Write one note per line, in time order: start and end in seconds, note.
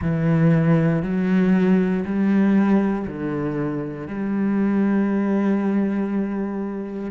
0.01 1.02 E3
1.02 2.04 F#3
2.05 3.06 G3
3.07 4.07 D3
4.07 7.10 G3